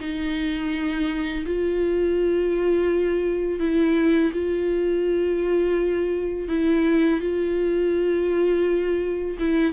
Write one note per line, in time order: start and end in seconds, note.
0.00 1.45 D#4
1.46 3.59 F4
3.59 4.32 E4
4.33 6.49 F4
6.49 7.20 E4
7.20 9.37 F4
9.39 9.73 E4